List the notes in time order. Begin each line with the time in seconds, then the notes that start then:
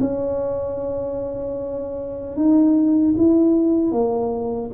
0.00 C#4
2.36 D#4
3.17 E4
3.92 A#3